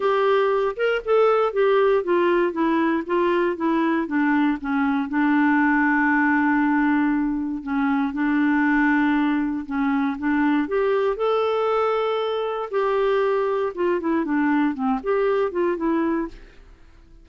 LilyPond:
\new Staff \with { instrumentName = "clarinet" } { \time 4/4 \tempo 4 = 118 g'4. ais'8 a'4 g'4 | f'4 e'4 f'4 e'4 | d'4 cis'4 d'2~ | d'2. cis'4 |
d'2. cis'4 | d'4 g'4 a'2~ | a'4 g'2 f'8 e'8 | d'4 c'8 g'4 f'8 e'4 | }